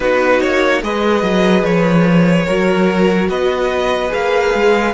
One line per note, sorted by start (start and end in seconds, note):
0.00 0.40 B3
0.00 0.82 D#4
0.00 0.83 F#4
0.00 0.40 B4
0.40 0.82 A#3
0.40 0.81 C#5
0.82 1.22 G#3
0.82 2.46 G#4
0.82 2.45 B4
0.82 1.64 D#5
1.22 1.62 F#3
1.62 2.44 F3
1.62 3.28 C#5
2.45 3.29 F#3
2.45 4.09 F#4
2.45 3.27 A#4
3.29 4.11 B3
3.29 4.93 B4
3.29 4.11 D#5
4.09 4.54 A#3
4.09 4.91 G#4
4.09 4.93 F5
4.54 4.93 G#3